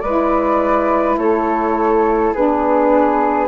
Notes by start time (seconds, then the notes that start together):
0.00 G#3 E4 B4 D5
1.17 A3 A4 C#5
2.33 B3 D4 G#4 B4